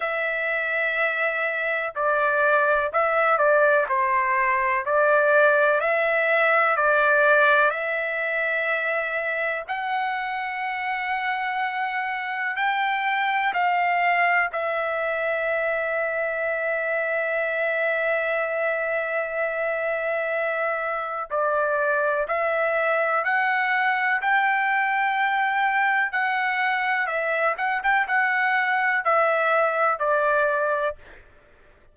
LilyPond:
\new Staff \with { instrumentName = "trumpet" } { \time 4/4 \tempo 4 = 62 e''2 d''4 e''8 d''8 | c''4 d''4 e''4 d''4 | e''2 fis''2~ | fis''4 g''4 f''4 e''4~ |
e''1~ | e''2 d''4 e''4 | fis''4 g''2 fis''4 | e''8 fis''16 g''16 fis''4 e''4 d''4 | }